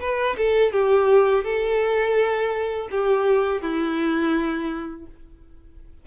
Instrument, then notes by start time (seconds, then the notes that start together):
violin
0.00 B4
0.37 A4
0.72 G4
1.44 A4
2.91 G4
3.62 E4